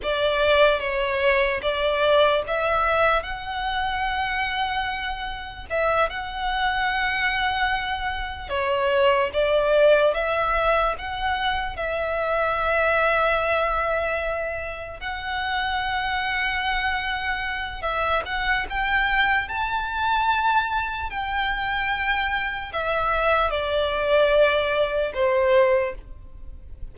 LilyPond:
\new Staff \with { instrumentName = "violin" } { \time 4/4 \tempo 4 = 74 d''4 cis''4 d''4 e''4 | fis''2. e''8 fis''8~ | fis''2~ fis''8 cis''4 d''8~ | d''8 e''4 fis''4 e''4.~ |
e''2~ e''8 fis''4.~ | fis''2 e''8 fis''8 g''4 | a''2 g''2 | e''4 d''2 c''4 | }